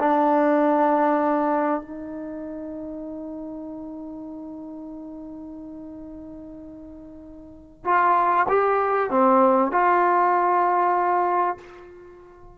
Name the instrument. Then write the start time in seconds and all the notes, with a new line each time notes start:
trombone
0.00 D4
1.82 D#4
7.85 F4
8.49 G4
9.11 C4
9.72 F4